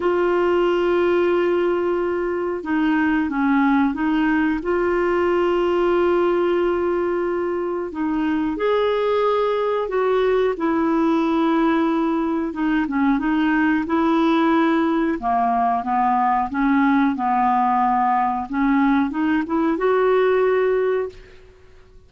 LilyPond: \new Staff \with { instrumentName = "clarinet" } { \time 4/4 \tempo 4 = 91 f'1 | dis'4 cis'4 dis'4 f'4~ | f'1 | dis'4 gis'2 fis'4 |
e'2. dis'8 cis'8 | dis'4 e'2 ais4 | b4 cis'4 b2 | cis'4 dis'8 e'8 fis'2 | }